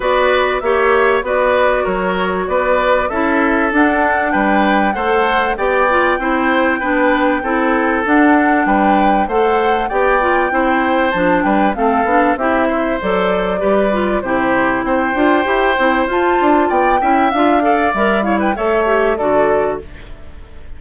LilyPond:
<<
  \new Staff \with { instrumentName = "flute" } { \time 4/4 \tempo 4 = 97 d''4 e''4 d''4 cis''4 | d''4 e''4 fis''4 g''4 | fis''4 g''2.~ | g''4 fis''4 g''4 fis''4 |
g''2 a''8 g''8 f''4 | e''4 d''2 c''4 | g''2 a''4 g''4 | f''4 e''8 f''16 g''16 e''4 d''4 | }
  \new Staff \with { instrumentName = "oboe" } { \time 4/4 b'4 cis''4 b'4 ais'4 | b'4 a'2 b'4 | c''4 d''4 c''4 b'4 | a'2 b'4 c''4 |
d''4 c''4. b'8 a'4 | g'8 c''4. b'4 g'4 | c''2. d''8 e''8~ | e''8 d''4 cis''16 b'16 cis''4 a'4 | }
  \new Staff \with { instrumentName = "clarinet" } { \time 4/4 fis'4 g'4 fis'2~ | fis'4 e'4 d'2 | a'4 g'8 f'8 e'4 d'4 | e'4 d'2 a'4 |
g'8 f'8 e'4 d'4 c'8 d'8 | e'4 a'4 g'8 f'8 e'4~ | e'8 f'8 g'8 e'8 f'4. e'8 | f'8 a'8 ais'8 e'8 a'8 g'8 fis'4 | }
  \new Staff \with { instrumentName = "bassoon" } { \time 4/4 b4 ais4 b4 fis4 | b4 cis'4 d'4 g4 | a4 b4 c'4 b4 | c'4 d'4 g4 a4 |
b4 c'4 f8 g8 a8 b8 | c'4 fis4 g4 c4 | c'8 d'8 e'8 c'8 f'8 d'8 b8 cis'8 | d'4 g4 a4 d4 | }
>>